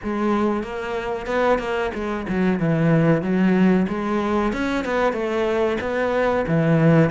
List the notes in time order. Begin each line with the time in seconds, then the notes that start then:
0.03 G#3
0.63 A#3
1.26 B3
1.58 A#3
1.94 G#3
2.28 F#3
2.59 E3
3.21 F#3
3.88 G#3
4.52 C#4
4.84 B3
5.12 A3
5.80 B3
6.47 E3